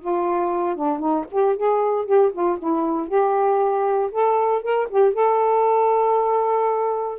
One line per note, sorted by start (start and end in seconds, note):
0.00 0.75 F4
0.75 0.99 D4
0.99 1.25 D#4
1.31 1.56 G4
1.56 2.05 G#4
2.05 2.31 G4
2.32 2.58 F4
2.59 3.08 E4
3.08 4.10 G4
4.11 4.62 A4
4.62 4.88 A#4
4.90 5.14 G4
5.14 7.18 A4